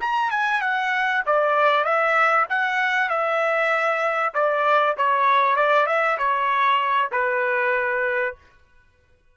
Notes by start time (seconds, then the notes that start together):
0.00 A#5
0.30 G#5
0.61 F#5
1.25 D5
1.84 E5
2.49 F#5
3.09 E5
4.34 D5
4.97 C#5
5.56 D5
5.86 E5
6.17 C#5
7.11 B4